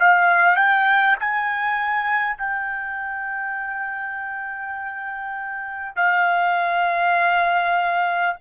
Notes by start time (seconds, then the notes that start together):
0.00 F5
0.56 G5
1.19 G#5
2.38 G5
5.96 F5